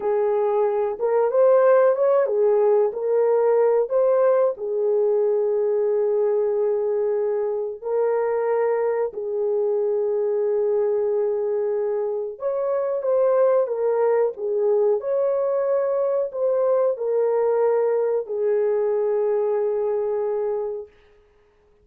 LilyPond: \new Staff \with { instrumentName = "horn" } { \time 4/4 \tempo 4 = 92 gis'4. ais'8 c''4 cis''8 gis'8~ | gis'8 ais'4. c''4 gis'4~ | gis'1 | ais'2 gis'2~ |
gis'2. cis''4 | c''4 ais'4 gis'4 cis''4~ | cis''4 c''4 ais'2 | gis'1 | }